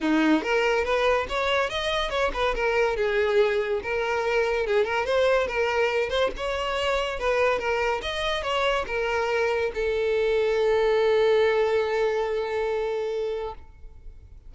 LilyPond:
\new Staff \with { instrumentName = "violin" } { \time 4/4 \tempo 4 = 142 dis'4 ais'4 b'4 cis''4 | dis''4 cis''8 b'8 ais'4 gis'4~ | gis'4 ais'2 gis'8 ais'8 | c''4 ais'4. c''8 cis''4~ |
cis''4 b'4 ais'4 dis''4 | cis''4 ais'2 a'4~ | a'1~ | a'1 | }